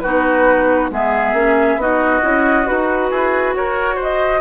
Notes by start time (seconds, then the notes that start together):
0.00 B3 D#4 F#4 B4
0.91 G#3 B3 G#4 E5
1.33 A#3 C#4
1.76 B3 D#4 F#4 D#5
2.22 C#4 E4
2.66 D#4 F#4 B4
3.10 E4 G#4
3.54 F#4 A#4 C#5
3.96 C5
4.02 D#5